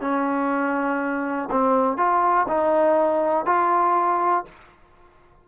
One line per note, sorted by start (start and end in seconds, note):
0.00 1.49 C#4
1.51 1.97 C4
1.97 2.46 F4
2.48 3.45 D#4
3.45 4.44 F4